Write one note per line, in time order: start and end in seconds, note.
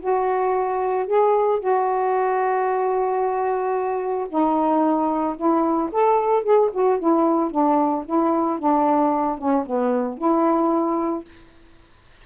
0.00 1.06 F#4
1.06 1.59 G#4
1.59 4.27 F#4
4.29 5.36 D#4
5.36 5.90 E4
5.91 6.43 A4
6.43 6.70 G#4
6.72 6.99 F#4
6.99 7.50 E4
7.50 8.04 D4
8.05 8.59 E4
8.59 9.38 D4
9.38 9.65 C#4
9.65 10.17 B3
10.17 11.24 E4